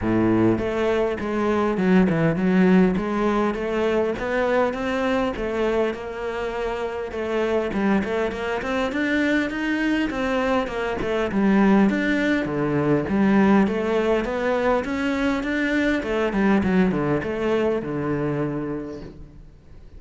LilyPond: \new Staff \with { instrumentName = "cello" } { \time 4/4 \tempo 4 = 101 a,4 a4 gis4 fis8 e8 | fis4 gis4 a4 b4 | c'4 a4 ais2 | a4 g8 a8 ais8 c'8 d'4 |
dis'4 c'4 ais8 a8 g4 | d'4 d4 g4 a4 | b4 cis'4 d'4 a8 g8 | fis8 d8 a4 d2 | }